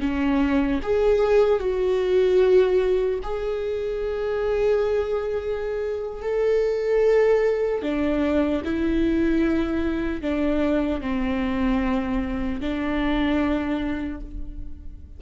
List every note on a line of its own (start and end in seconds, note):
0.00 0.80 C#4
0.83 1.60 G#4
1.60 3.20 F#4
3.23 6.23 G#4
6.23 7.83 A4
7.83 8.63 D4
8.64 10.21 E4
10.21 11.01 D4
11.01 12.60 C4
12.60 14.20 D4